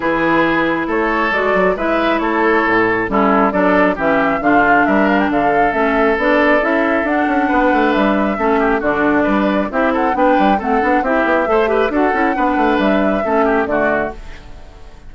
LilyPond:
<<
  \new Staff \with { instrumentName = "flute" } { \time 4/4 \tempo 4 = 136 b'2 cis''4 d''4 | e''4 cis''2 a'4 | d''4 e''4 f''4 e''8 f''16 g''16 | f''4 e''4 d''4 e''4 |
fis''2 e''2 | d''2 e''8 fis''8 g''4 | fis''4 e''2 fis''4~ | fis''4 e''2 d''4 | }
  \new Staff \with { instrumentName = "oboe" } { \time 4/4 gis'2 a'2 | b'4 a'2 e'4 | a'4 g'4 f'4 ais'4 | a'1~ |
a'4 b'2 a'8 g'8 | fis'4 b'4 g'8 a'8 b'4 | a'4 g'4 c''8 b'8 a'4 | b'2 a'8 g'8 fis'4 | }
  \new Staff \with { instrumentName = "clarinet" } { \time 4/4 e'2. fis'4 | e'2. cis'4 | d'4 cis'4 d'2~ | d'4 cis'4 d'4 e'4 |
d'2. cis'4 | d'2 e'4 d'4 | c'8 d'8 e'4 a'8 g'8 fis'8 e'8 | d'2 cis'4 a4 | }
  \new Staff \with { instrumentName = "bassoon" } { \time 4/4 e2 a4 gis8 fis8 | gis4 a4 a,4 g4 | fis4 e4 d4 g4 | d4 a4 b4 cis'4 |
d'8 cis'8 b8 a8 g4 a4 | d4 g4 c'4 b8 g8 | a8 b8 c'8 b8 a4 d'8 cis'8 | b8 a8 g4 a4 d4 | }
>>